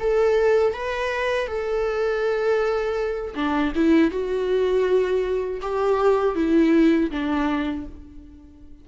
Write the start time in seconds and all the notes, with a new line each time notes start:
0.00 A4
0.73 B4
1.47 A4
3.35 D4
3.75 E4
4.11 F#4
5.61 G4
6.35 E4
7.10 D4